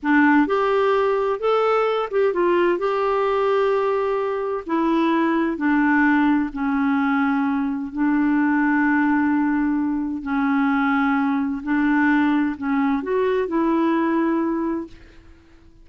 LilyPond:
\new Staff \with { instrumentName = "clarinet" } { \time 4/4 \tempo 4 = 129 d'4 g'2 a'4~ | a'8 g'8 f'4 g'2~ | g'2 e'2 | d'2 cis'2~ |
cis'4 d'2.~ | d'2 cis'2~ | cis'4 d'2 cis'4 | fis'4 e'2. | }